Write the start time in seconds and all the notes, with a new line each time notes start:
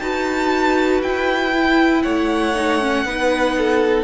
0.00 D#4 F#4 B4 A5
1.03 E4 G5
1.54 E4
2.03 A3 C#5 F#5
2.56 D#4
2.81 C#4
3.05 B3 D#4 B4
3.58 A4